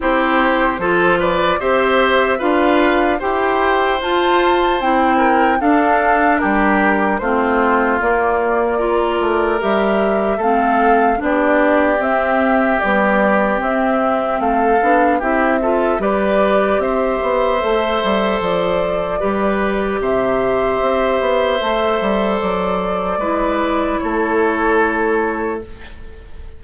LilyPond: <<
  \new Staff \with { instrumentName = "flute" } { \time 4/4 \tempo 4 = 75 c''4. d''8 e''4 f''4 | g''4 a''4 g''4 f''4 | ais'4 c''4 d''2 | e''4 f''4 d''4 e''4 |
d''4 e''4 f''4 e''4 | d''4 e''2 d''4~ | d''4 e''2. | d''2 cis''2 | }
  \new Staff \with { instrumentName = "oboe" } { \time 4/4 g'4 a'8 b'8 c''4 b'4 | c''2~ c''8 ais'8 a'4 | g'4 f'2 ais'4~ | ais'4 a'4 g'2~ |
g'2 a'4 g'8 a'8 | b'4 c''2. | b'4 c''2.~ | c''4 b'4 a'2 | }
  \new Staff \with { instrumentName = "clarinet" } { \time 4/4 e'4 f'4 g'4 f'4 | g'4 f'4 e'4 d'4~ | d'4 c'4 ais4 f'4 | g'4 c'4 d'4 c'4 |
g4 c'4. d'8 e'8 f'8 | g'2 a'2 | g'2. a'4~ | a'4 e'2. | }
  \new Staff \with { instrumentName = "bassoon" } { \time 4/4 c'4 f4 c'4 d'4 | e'4 f'4 c'4 d'4 | g4 a4 ais4. a8 | g4 a4 b4 c'4 |
b4 c'4 a8 b8 c'4 | g4 c'8 b8 a8 g8 f4 | g4 c4 c'8 b8 a8 g8 | fis4 gis4 a2 | }
>>